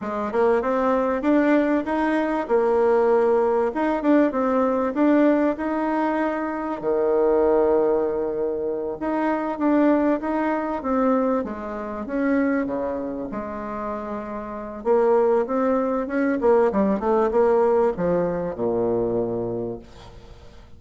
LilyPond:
\new Staff \with { instrumentName = "bassoon" } { \time 4/4 \tempo 4 = 97 gis8 ais8 c'4 d'4 dis'4 | ais2 dis'8 d'8 c'4 | d'4 dis'2 dis4~ | dis2~ dis8 dis'4 d'8~ |
d'8 dis'4 c'4 gis4 cis'8~ | cis'8 cis4 gis2~ gis8 | ais4 c'4 cis'8 ais8 g8 a8 | ais4 f4 ais,2 | }